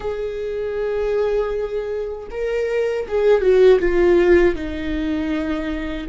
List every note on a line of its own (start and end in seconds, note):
0.00 2.28 G#4
2.31 3.07 A#4
3.08 3.41 G#4
3.41 3.79 F#4
3.79 4.55 F4
4.55 6.07 D#4